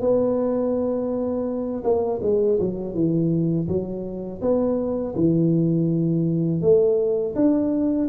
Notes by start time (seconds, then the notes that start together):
0.00 B3
1.83 A#3
2.22 G#3
2.59 F#3
2.94 E3
3.67 F#3
4.41 B3
5.15 E3
6.61 A3
7.35 D4